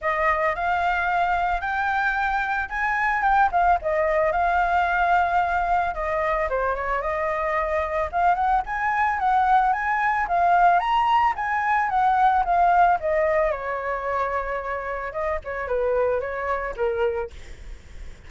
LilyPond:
\new Staff \with { instrumentName = "flute" } { \time 4/4 \tempo 4 = 111 dis''4 f''2 g''4~ | g''4 gis''4 g''8 f''8 dis''4 | f''2. dis''4 | c''8 cis''8 dis''2 f''8 fis''8 |
gis''4 fis''4 gis''4 f''4 | ais''4 gis''4 fis''4 f''4 | dis''4 cis''2. | dis''8 cis''8 b'4 cis''4 ais'4 | }